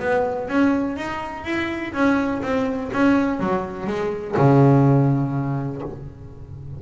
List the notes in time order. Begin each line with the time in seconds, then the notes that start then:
0.00 B3
0.48 C#4
0.97 D#4
1.45 E4
1.94 C#4
2.43 C4
2.93 C#4
3.40 F#3
3.87 G#3
4.37 C#3